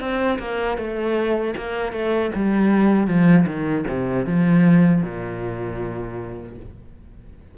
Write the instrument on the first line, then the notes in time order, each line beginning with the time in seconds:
cello
0.00 C4
0.39 A#3
0.77 A3
1.57 A#3
1.92 A3
2.35 G3
3.07 F3
3.47 D#3
3.88 C3
4.26 F3
5.02 A#2